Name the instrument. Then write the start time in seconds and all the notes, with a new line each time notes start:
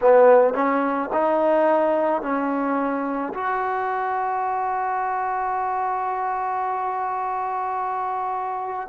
trombone
0.01 B3
0.54 C#4
1.13 D#4
2.22 C#4
3.33 F#4